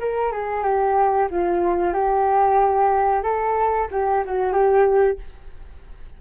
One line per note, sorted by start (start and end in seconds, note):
0.00 0.32 A#4
0.32 0.63 G#4
0.63 1.29 G4
1.31 1.94 F4
1.94 3.23 G4
3.23 3.88 A4
3.91 4.24 G4
4.25 4.53 F#4
4.53 5.18 G4